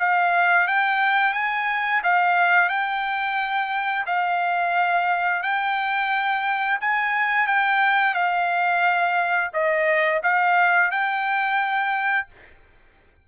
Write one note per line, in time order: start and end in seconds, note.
0.00 0.68 F5
0.68 1.34 G5
1.34 2.02 G#5
2.04 2.69 F5
2.69 4.06 G5
4.07 5.43 F5
5.43 6.80 G5
6.81 7.48 G#5
7.48 8.15 G5
8.15 9.51 F5
9.54 10.22 D#5
10.24 10.92 F5
10.92 12.28 G5